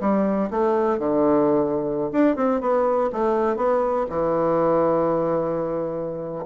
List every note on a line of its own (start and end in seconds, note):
0.00 0.50 G3
0.50 0.98 A3
0.98 2.10 D3
2.12 2.36 D4
2.36 2.61 C4
2.61 3.10 B3
3.12 3.56 A3
3.56 4.06 B3
4.10 6.45 E3